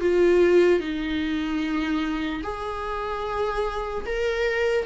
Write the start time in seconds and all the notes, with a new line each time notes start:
0.00 F4
0.79 D#4
2.43 G#4
4.05 A#4